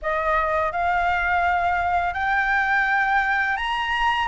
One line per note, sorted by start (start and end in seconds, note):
0.02 0.71 D#5
0.71 2.13 F5
2.13 3.56 G5
3.56 4.28 A#5